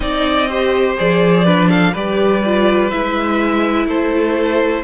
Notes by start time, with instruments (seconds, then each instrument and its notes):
0.00 cello C4, viola D#4, violin D5 D#5
0.48 viola G4, violin C5
0.97 cello F3, viola G#4, violin D5
1.44 viola D4, violin B4
1.69 violin A4 F5
1.92 cello G3, viola G4, violin B4 D5
2.45 viola F4
2.90 cello G#3, viola E4, violin E5
3.86 cello A3, violin A4 C5